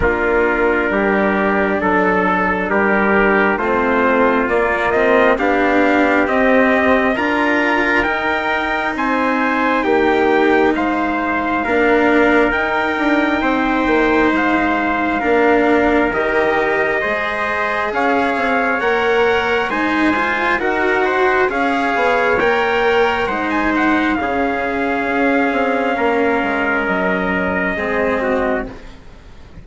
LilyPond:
<<
  \new Staff \with { instrumentName = "trumpet" } { \time 4/4 \tempo 4 = 67 ais'2 a'4 ais'4 | c''4 d''8 dis''8 f''4 dis''4 | ais''4 g''4 gis''4 g''4 | f''2 g''2 |
f''2 dis''2 | f''4 fis''4 gis''4 fis''4 | f''4 g''4 fis''16 gis''16 fis''8 f''4~ | f''2 dis''2 | }
  \new Staff \with { instrumentName = "trumpet" } { \time 4/4 f'4 g'4 a'4 g'4 | f'2 g'2 | ais'2 c''4 g'4 | c''4 ais'2 c''4~ |
c''4 ais'2 c''4 | cis''2 c''4 ais'8 c''8 | cis''2 c''4 gis'4~ | gis'4 ais'2 gis'8 fis'8 | }
  \new Staff \with { instrumentName = "cello" } { \time 4/4 d'1 | c'4 ais8 c'8 d'4 c'4 | f'4 dis'2.~ | dis'4 d'4 dis'2~ |
dis'4 d'4 g'4 gis'4~ | gis'4 ais'4 dis'8 f'8 fis'4 | gis'4 ais'4 dis'4 cis'4~ | cis'2. c'4 | }
  \new Staff \with { instrumentName = "bassoon" } { \time 4/4 ais4 g4 fis4 g4 | a4 ais4 b4 c'4 | d'4 dis'4 c'4 ais4 | gis4 ais4 dis'8 d'8 c'8 ais8 |
gis4 ais4 dis4 gis4 | cis'8 c'8 ais4 gis4 dis'4 | cis'8 b8 ais4 gis4 cis4 | cis'8 c'8 ais8 gis8 fis4 gis4 | }
>>